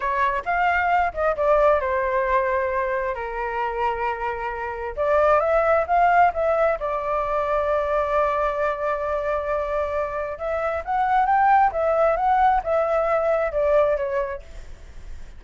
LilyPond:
\new Staff \with { instrumentName = "flute" } { \time 4/4 \tempo 4 = 133 cis''4 f''4. dis''8 d''4 | c''2. ais'4~ | ais'2. d''4 | e''4 f''4 e''4 d''4~ |
d''1~ | d''2. e''4 | fis''4 g''4 e''4 fis''4 | e''2 d''4 cis''4 | }